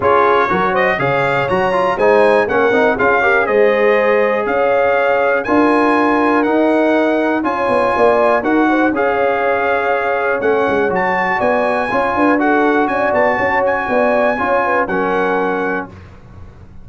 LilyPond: <<
  \new Staff \with { instrumentName = "trumpet" } { \time 4/4 \tempo 4 = 121 cis''4. dis''8 f''4 ais''4 | gis''4 fis''4 f''4 dis''4~ | dis''4 f''2 gis''4~ | gis''4 fis''2 gis''4~ |
gis''4 fis''4 f''2~ | f''4 fis''4 a''4 gis''4~ | gis''4 fis''4 gis''8 a''4 gis''8~ | gis''2 fis''2 | }
  \new Staff \with { instrumentName = "horn" } { \time 4/4 gis'4 ais'8 c''8 cis''2 | c''4 ais'4 gis'8 ais'8 c''4~ | c''4 cis''2 ais'4~ | ais'2. cis''4 |
d''4 ais'8 c''8 cis''2~ | cis''2. d''4 | cis''8 b'8 a'4 d''4 cis''4 | d''4 cis''8 b'8 ais'2 | }
  \new Staff \with { instrumentName = "trombone" } { \time 4/4 f'4 fis'4 gis'4 fis'8 f'8 | dis'4 cis'8 dis'8 f'8 g'8 gis'4~ | gis'2. f'4~ | f'4 dis'2 f'4~ |
f'4 fis'4 gis'2~ | gis'4 cis'4 fis'2 | f'4 fis'2.~ | fis'4 f'4 cis'2 | }
  \new Staff \with { instrumentName = "tuba" } { \time 4/4 cis'4 fis4 cis4 fis4 | gis4 ais8 c'8 cis'4 gis4~ | gis4 cis'2 d'4~ | d'4 dis'2 cis'8 b8 |
ais4 dis'4 cis'2~ | cis'4 a8 gis8 fis4 b4 | cis'8 d'4. cis'8 b8 cis'4 | b4 cis'4 fis2 | }
>>